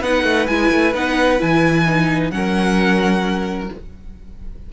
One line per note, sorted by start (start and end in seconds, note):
0.00 0.23 B3
0.00 0.48 D#4
0.00 2.31 B4
0.00 0.47 F#5
0.23 0.46 A3
0.47 0.71 G#3
0.47 0.94 E4
0.47 0.93 G#5
0.71 0.94 A3
0.94 1.40 B3
0.94 1.38 D#4
0.94 1.41 F#5
1.38 2.31 E3
1.38 1.84 E4
1.38 2.31 G#5
1.86 2.32 D#4
2.31 3.69 F#3
2.31 3.71 C#4
2.31 3.72 A#4
2.31 3.69 F#5